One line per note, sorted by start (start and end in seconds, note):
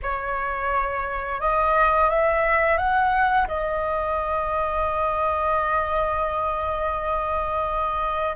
0.02 1.40 C#5
1.40 2.10 D#5
2.10 2.77 E5
2.77 3.47 F#5
3.47 8.36 D#5